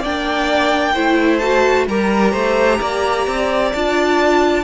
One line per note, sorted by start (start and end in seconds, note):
0.00 0.96 A#3
0.00 0.95 D4
0.00 0.92 D5
0.00 1.39 G5
0.94 1.87 A3
0.94 1.41 E4
0.94 1.86 C5
1.39 1.88 F#4
1.39 1.85 A5
1.87 2.33 G3
1.87 3.74 G4
1.87 2.32 A#4
1.87 3.72 A#5
2.32 2.80 A3
2.32 2.78 C5
2.81 3.27 A#3
2.81 4.64 D5
3.27 3.73 C4
3.72 4.64 D4
3.72 4.64 F4
3.72 4.64 A5